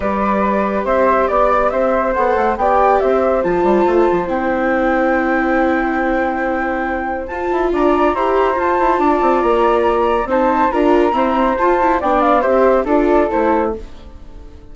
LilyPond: <<
  \new Staff \with { instrumentName = "flute" } { \time 4/4 \tempo 4 = 140 d''2 e''4 d''4 | e''4 fis''4 g''4 e''4 | a''2 g''2~ | g''1~ |
g''4 a''4 ais''2 | a''2 ais''2 | a''4 ais''2 a''4 | g''8 f''8 e''4 d''4 c''4 | }
  \new Staff \with { instrumentName = "flute" } { \time 4/4 b'2 c''4 d''4 | c''2 d''4 c''4~ | c''1~ | c''1~ |
c''2 d''4 c''4~ | c''4 d''2. | c''4 ais'4 c''2 | d''4 c''4 a'2 | }
  \new Staff \with { instrumentName = "viola" } { \time 4/4 g'1~ | g'4 a'4 g'2 | f'2 e'2~ | e'1~ |
e'4 f'2 g'4 | f'1 | dis'4 f'4 c'4 f'8 e'8 | d'4 g'4 f'4 e'4 | }
  \new Staff \with { instrumentName = "bassoon" } { \time 4/4 g2 c'4 b4 | c'4 b8 a8 b4 c'4 | f8 g8 a8 f8 c'2~ | c'1~ |
c'4 f'8 e'8 d'4 e'4 | f'8 e'8 d'8 c'8 ais2 | c'4 d'4 e'4 f'4 | b4 c'4 d'4 a4 | }
>>